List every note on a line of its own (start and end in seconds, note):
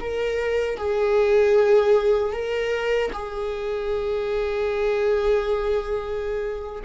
0.00 0.77 A#4
0.77 2.33 G#4
2.33 3.11 A#4
3.12 6.83 G#4